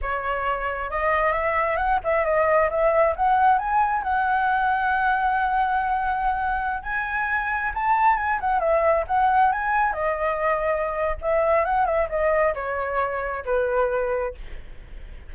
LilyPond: \new Staff \with { instrumentName = "flute" } { \time 4/4 \tempo 4 = 134 cis''2 dis''4 e''4 | fis''8 e''8 dis''4 e''4 fis''4 | gis''4 fis''2.~ | fis''2.~ fis''16 gis''8.~ |
gis''4~ gis''16 a''4 gis''8 fis''8 e''8.~ | e''16 fis''4 gis''4 dis''4.~ dis''16~ | dis''4 e''4 fis''8 e''8 dis''4 | cis''2 b'2 | }